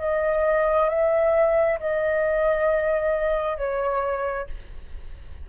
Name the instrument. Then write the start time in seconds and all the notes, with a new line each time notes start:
flute
0.00 D#5
0.89 E5
1.80 D#5
3.58 C#5